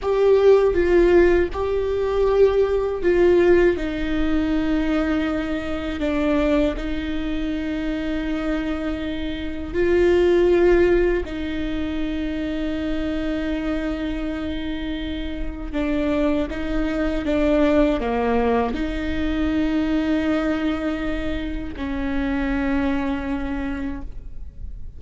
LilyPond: \new Staff \with { instrumentName = "viola" } { \time 4/4 \tempo 4 = 80 g'4 f'4 g'2 | f'4 dis'2. | d'4 dis'2.~ | dis'4 f'2 dis'4~ |
dis'1~ | dis'4 d'4 dis'4 d'4 | ais4 dis'2.~ | dis'4 cis'2. | }